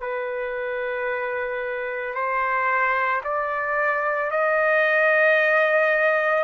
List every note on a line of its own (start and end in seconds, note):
0.00 2.14 B4
2.14 3.21 C5
3.24 4.31 D5
4.31 6.43 D#5